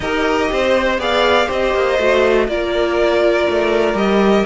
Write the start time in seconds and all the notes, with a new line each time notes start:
0.00 D#4 G4 A#4 D#5
0.52 C4 C5
0.98 B3 G#4 D5 F5
1.46 C4 G4 C5 D#5
1.73 A#3
1.98 A3 F#4
2.48 A#3 F4 A#4 D5
3.49 A3
3.94 G3 G4 D#5